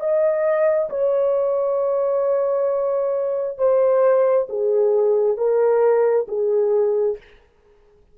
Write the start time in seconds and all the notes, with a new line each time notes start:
0.00 D#5
0.90 C#5
3.58 C5
4.49 G#4
5.38 A#4
6.28 G#4